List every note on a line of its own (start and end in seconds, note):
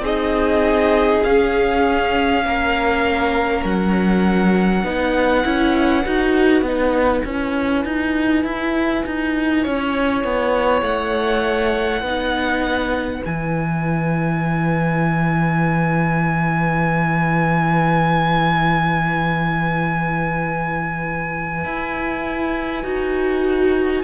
0.00 1.20 C4
0.00 1.24 D#4
0.00 2.43 G#4
0.00 1.24 D#5
1.24 2.45 C#4
1.24 4.84 C#4
1.24 3.64 F5
2.45 3.64 A#3
2.45 4.84 A#4
3.64 4.84 F#3
3.64 7.25 F#5
4.84 5.44 B3
4.84 5.44 D#4
4.84 9.63 B4
5.44 6.05 C#4
5.44 6.04 E4
6.05 6.62 D#4
6.05 6.65 F#4
6.62 7.22 B3
6.62 7.27 D#4
7.25 7.85 C#4
7.25 12.05 E4
7.25 10.83 G#5
7.85 8.44 D#4
8.44 9.04 E4
9.06 9.66 D#4
9.63 10.24 C#4
9.63 12.02 C#5
10.24 10.82 B3
10.82 12.02 A3
10.82 13.23 F#5
12.02 13.22 B3
12.02 13.25 D#4
12.02 24.02 B4
13.25 21.64 E3
13.25 22.84 E4
13.25 24.04 G#5
21.64 22.84 E4
22.84 24.04 D#4
22.84 24.04 F#4